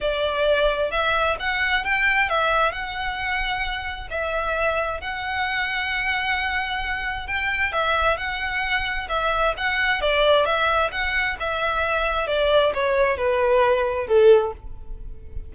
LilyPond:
\new Staff \with { instrumentName = "violin" } { \time 4/4 \tempo 4 = 132 d''2 e''4 fis''4 | g''4 e''4 fis''2~ | fis''4 e''2 fis''4~ | fis''1 |
g''4 e''4 fis''2 | e''4 fis''4 d''4 e''4 | fis''4 e''2 d''4 | cis''4 b'2 a'4 | }